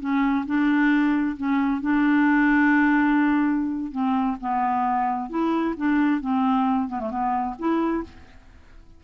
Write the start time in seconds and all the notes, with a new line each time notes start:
0.00 C#4
0.46 D4
1.37 C#4
1.81 D4
3.92 C4
4.40 B3
5.29 E4
5.77 D4
6.21 C4
6.88 B3
6.99 A3
7.10 B3
7.59 E4